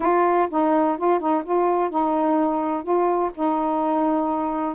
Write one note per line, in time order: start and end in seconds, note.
0.00 0.48 F4
0.50 0.97 D#4
0.97 1.19 F4
1.19 1.43 D#4
1.44 1.90 F4
1.90 2.83 D#4
2.83 3.31 F4
3.34 4.75 D#4